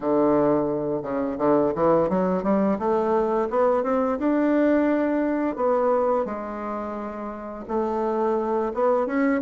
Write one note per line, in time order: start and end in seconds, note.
0.00 1.02 D3
1.02 1.37 C#3
1.38 1.73 D3
1.74 2.09 E3
2.09 2.43 F#3
2.43 2.78 G3
2.78 3.48 A3
3.49 3.83 B3
3.83 4.18 C4
4.19 5.56 D4
5.56 6.25 B3
6.25 7.64 G#3
7.67 8.72 A3
8.74 9.06 B3
9.06 9.41 C#4